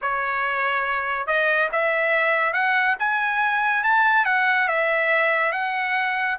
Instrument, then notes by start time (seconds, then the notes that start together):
trumpet
0.01 C#5
1.26 D#5
1.71 E5
2.53 F#5
2.99 G#5
3.83 A5
4.25 F#5
4.68 E5
5.52 F#5